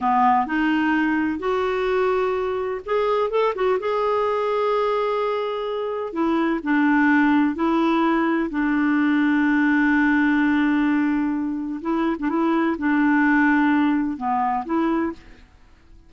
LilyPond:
\new Staff \with { instrumentName = "clarinet" } { \time 4/4 \tempo 4 = 127 b4 dis'2 fis'4~ | fis'2 gis'4 a'8 fis'8 | gis'1~ | gis'4 e'4 d'2 |
e'2 d'2~ | d'1~ | d'4 e'8. d'16 e'4 d'4~ | d'2 b4 e'4 | }